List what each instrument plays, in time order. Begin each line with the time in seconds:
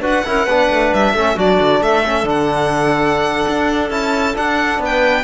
0.00 cello D4, trombone F#4, clarinet B4
0.07 violin F#5
0.25 cello C#4, trombone E4, clarinet A#4
0.45 cello B3, trombone D4, clarinet B4
0.70 cello A3
0.93 cello G3, violin E5
1.13 cello A3, trombone C#4, clarinet A4
1.35 cello F#3, trombone D4, clarinet F#4, violin D5
1.60 cello D3
1.81 cello A3, clarinet A4, violin E5
2.05 trombone C#4
2.23 cello D3, trombone D4
2.29 violin F#5
3.48 cello D4
3.90 cello C#4, trombone E4, violin A5
4.35 trombone D4, cello D4, violin F#5
4.79 cello B3, clarinet B4
4.85 violin G5